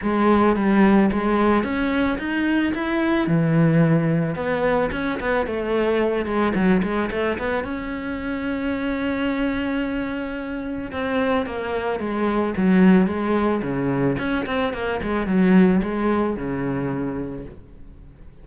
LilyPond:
\new Staff \with { instrumentName = "cello" } { \time 4/4 \tempo 4 = 110 gis4 g4 gis4 cis'4 | dis'4 e'4 e2 | b4 cis'8 b8 a4. gis8 | fis8 gis8 a8 b8 cis'2~ |
cis'1 | c'4 ais4 gis4 fis4 | gis4 cis4 cis'8 c'8 ais8 gis8 | fis4 gis4 cis2 | }